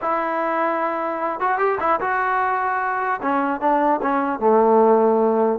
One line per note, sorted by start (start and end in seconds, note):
0.01 1.40 E4
1.40 1.58 F#4
1.58 1.78 G4
1.79 1.99 E4
2.00 3.20 F#4
3.22 3.60 C#4
3.60 4.00 D4
4.02 4.39 C#4
4.39 5.59 A3